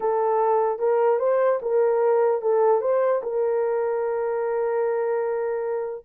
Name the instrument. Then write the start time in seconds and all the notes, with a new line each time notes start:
horn
0.00 A4
0.79 A#4
1.19 C5
1.62 A#4
2.41 A4
2.81 C5
3.22 A#4